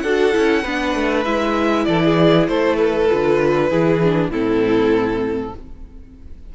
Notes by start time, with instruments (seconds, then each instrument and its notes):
0.00 cello D4, viola F#4, violin A4 F#5
0.33 cello C#4, viola E4
0.63 cello B3, viola D4, violin B4
0.95 cello A3
1.25 cello G#3, viola E4, violin E5
1.85 cello E3, violin A4 D5
2.04 violin G#4
2.48 cello A3, violin A4 C5
2.76 violin B4
3.09 cello D3, viola F4
3.69 cello E3, viola E4, violin G#4
4.03 viola D4
4.28 cello A2, viola C4, violin E4 A4